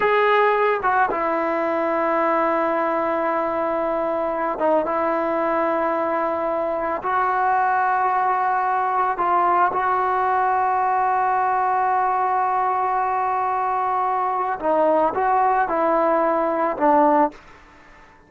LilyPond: \new Staff \with { instrumentName = "trombone" } { \time 4/4 \tempo 4 = 111 gis'4. fis'8 e'2~ | e'1~ | e'8 dis'8 e'2.~ | e'4 fis'2.~ |
fis'4 f'4 fis'2~ | fis'1~ | fis'2. dis'4 | fis'4 e'2 d'4 | }